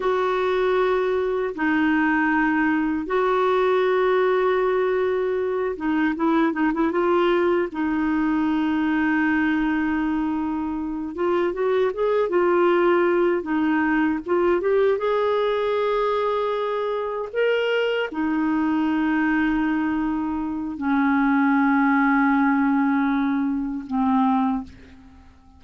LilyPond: \new Staff \with { instrumentName = "clarinet" } { \time 4/4 \tempo 4 = 78 fis'2 dis'2 | fis'2.~ fis'8 dis'8 | e'8 dis'16 e'16 f'4 dis'2~ | dis'2~ dis'8 f'8 fis'8 gis'8 |
f'4. dis'4 f'8 g'8 gis'8~ | gis'2~ gis'8 ais'4 dis'8~ | dis'2. cis'4~ | cis'2. c'4 | }